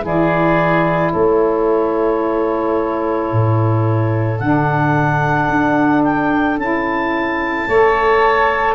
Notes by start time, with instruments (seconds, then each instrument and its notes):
0.00 tuba E3, saxophone E4, oboe G#4
0.06 clarinet D5
1.12 tuba A3, oboe A4, clarinet C#5
3.32 tuba A2
4.39 tuba D3, saxophone D4, clarinet F#5
5.48 tuba D4
6.03 clarinet G5
6.57 tuba C#4, saxophone E4, clarinet A5
7.67 tuba A3, saxophone A4, oboe C#5